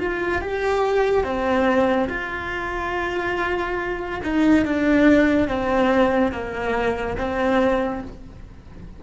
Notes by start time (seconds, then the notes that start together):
0.00 F4
0.42 G4
1.24 C4
2.09 F4
4.24 D#4
4.65 D4
5.48 C4
6.32 A#3
7.18 C4